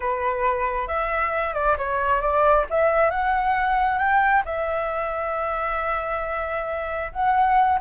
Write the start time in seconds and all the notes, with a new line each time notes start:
0.00 B4
0.87 E5
1.54 D5
1.78 C#5
2.21 D5
2.70 E5
3.10 F#5
3.98 G5
4.45 E5
7.12 F#5